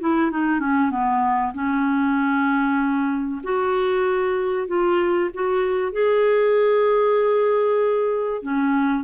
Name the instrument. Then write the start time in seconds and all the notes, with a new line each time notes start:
clarinet
0.00 E4
0.31 D#4
0.60 C#4
0.91 B3
1.54 C#4
3.43 F#4
4.68 F4
5.34 F#4
5.92 G#4
8.42 C#4